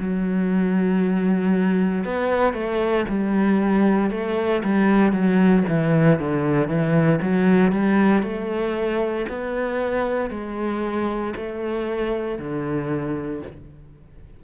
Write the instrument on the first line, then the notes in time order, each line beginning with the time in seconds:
cello
0.00 F#3
2.05 B3
2.54 A3
3.09 G3
4.11 A3
4.64 G3
5.13 F#3
5.69 E3
6.20 D3
6.68 E3
7.22 F#3
7.72 G3
8.23 A3
9.29 B3
10.31 G#3
11.37 A3
12.39 D3